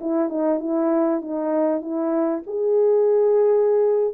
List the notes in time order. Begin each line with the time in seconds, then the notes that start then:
0.00 E4
0.29 D#4
0.60 E4
1.21 D#4
1.81 E4
2.46 G#4